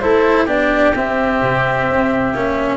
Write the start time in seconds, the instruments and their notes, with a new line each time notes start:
0.00 tuba A3, cello E4, oboe A4, flute C5
0.45 tuba B3, cello D4, oboe G4, flute D5
0.95 tuba C4, cello C4, flute E5
1.41 tuba C3
1.89 tuba C4
2.34 tuba A#3, cello C#4